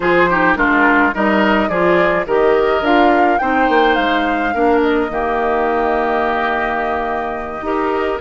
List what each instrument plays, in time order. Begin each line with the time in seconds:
0.00 bassoon F3, clarinet F4, oboe G#4, flute C5
0.29 clarinet D#4, oboe G4
0.55 bassoon G#3, clarinet D4, oboe F4, flute A#4
1.13 bassoon G3, clarinet D#4, oboe A#4, flute D#5
1.68 bassoon F3, clarinet F4, oboe G#4, flute D5
2.26 bassoon D#3, clarinet G4, oboe A#4, flute D#5
2.81 bassoon D4, clarinet F4, flute F5
3.38 bassoon C4, clarinet D#4, oboe C5, flute G5
3.68 bassoon A#3
3.94 bassoon G#3, flute F5
4.53 bassoon A#3, clarinet D4, oboe A#4
4.81 flute D#5
5.09 bassoon D#3, clarinet A#3, oboe G4
7.61 bassoon D#4, clarinet G4, oboe A#4